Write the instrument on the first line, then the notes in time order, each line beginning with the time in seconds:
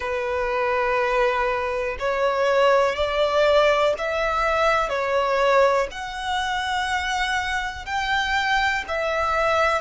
violin
0.00 B4
1.99 C#5
2.95 D5
3.97 E5
4.89 C#5
5.91 F#5
7.85 G5
8.87 E5